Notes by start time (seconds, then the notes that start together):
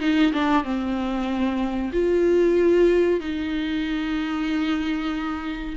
0.00 D#4
0.32 D4
0.64 C4
1.92 F4
3.20 D#4